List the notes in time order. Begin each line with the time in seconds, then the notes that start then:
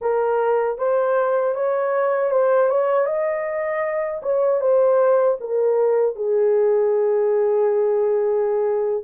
0.01 A#4
0.78 C5
1.54 C#5
2.30 C5
2.69 C#5
3.06 D#5
4.22 C#5
4.60 C5
5.40 A#4
6.15 G#4